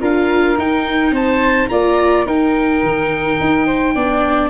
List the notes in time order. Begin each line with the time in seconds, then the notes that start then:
0.00 D4 F4 A#4 F5
0.58 D#4 G5
1.11 C4 C5 A5
1.68 A#3 F4 D5 A#5
2.26 D#4 A#4 G5
2.83 D#3
3.40 D#4
3.66 C5
3.94 B3 D4 D5